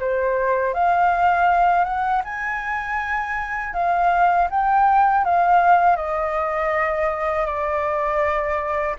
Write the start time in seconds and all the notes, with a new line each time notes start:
0.00 C5
0.74 F5
1.85 F#5
2.24 G#5
3.74 F5
4.50 G5
5.25 F5
5.97 D#5
7.46 D5